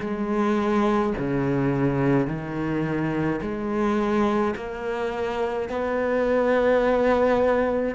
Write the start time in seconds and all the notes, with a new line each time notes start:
0.00 G#3
1.18 C#3
2.27 D#3
3.42 G#3
4.56 A#3
5.69 B3